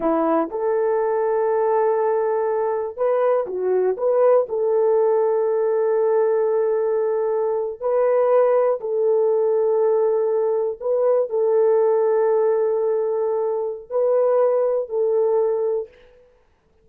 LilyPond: \new Staff \with { instrumentName = "horn" } { \time 4/4 \tempo 4 = 121 e'4 a'2.~ | a'2 b'4 fis'4 | b'4 a'2.~ | a'2.~ a'8. b'16~ |
b'4.~ b'16 a'2~ a'16~ | a'4.~ a'16 b'4 a'4~ a'16~ | a'1 | b'2 a'2 | }